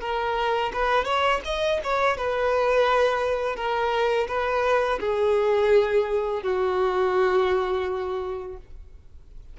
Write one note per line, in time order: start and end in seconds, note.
0.00 0.71 A#4
0.73 1.05 B4
1.05 1.40 C#5
1.44 1.80 D#5
1.83 2.17 C#5
2.17 3.56 B4
3.56 4.27 A#4
4.28 4.99 B4
5.00 6.43 G#4
6.43 8.57 F#4